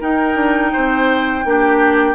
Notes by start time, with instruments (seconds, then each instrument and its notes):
0.00 clarinet D#4, bassoon D#4, oboe A#4, flute G5
0.35 bassoon D4
0.73 bassoon C4, oboe C5
1.45 bassoon A#3, clarinet D4, oboe G4